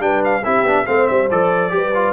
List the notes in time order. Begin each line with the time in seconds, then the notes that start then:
0.00 G3 D4 B4 G5
0.25 F5
0.43 C4 E4 G4 E5
0.63 B3 D4
0.87 A3 C4 C5 F5
1.08 G3 E5
1.31 F3 A4 D5
1.70 G3 G4 B4
1.95 F4